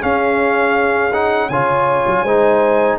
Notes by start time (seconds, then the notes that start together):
0.00 C#4 G#4 F5
1.13 D#4 F#5
1.49 C#3 F4 C#5 G#5
2.07 F#3
2.23 G#3 D#4 C5